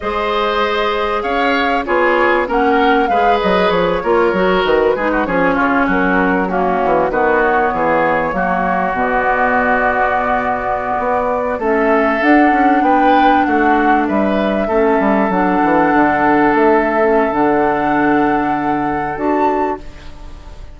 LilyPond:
<<
  \new Staff \with { instrumentName = "flute" } { \time 4/4 \tempo 4 = 97 dis''2 f''4 cis''4 | fis''4 f''8 dis''8 cis''4. b'8~ | b'8 cis''4 ais'4 fis'4 b'8 | cis''2~ cis''8 d''4.~ |
d''2~ d''8. e''4 fis''16~ | fis''8. g''4 fis''4 e''4~ e''16~ | e''8. fis''2 e''4~ e''16 | fis''2. a''4 | }
  \new Staff \with { instrumentName = "oboe" } { \time 4/4 c''2 cis''4 gis'4 | ais'4 b'4. ais'4. | gis'16 fis'16 gis'8 f'8 fis'4 cis'4 fis'8~ | fis'8 gis'4 fis'2~ fis'8~ |
fis'2~ fis'8. a'4~ a'16~ | a'8. b'4 fis'4 b'4 a'16~ | a'1~ | a'1 | }
  \new Staff \with { instrumentName = "clarinet" } { \time 4/4 gis'2. f'4 | cis'4 gis'4. f'8 fis'4 | dis'8 cis'2 ais4 b8~ | b4. ais4 b4.~ |
b2~ b8. cis'4 d'16~ | d'2.~ d'8. cis'16~ | cis'8. d'2~ d'8. cis'8 | d'2. fis'4 | }
  \new Staff \with { instrumentName = "bassoon" } { \time 4/4 gis2 cis'4 b4 | ais4 gis8 fis8 f8 ais8 fis8 dis8 | gis8 f8 cis8 fis4. e8 dis8~ | dis8 e4 fis4 b,4.~ |
b,4.~ b,16 b4 a4 d'16~ | d'16 cis'8 b4 a4 g4 a16~ | a16 g8 fis8 e8 d4 a4~ a16 | d2. d'4 | }
>>